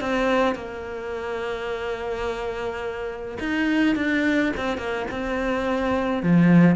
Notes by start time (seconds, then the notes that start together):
0.00 C4
0.55 A#3
3.39 D#4
3.95 D4
4.56 C4
4.77 A#3
5.10 C4
6.22 F3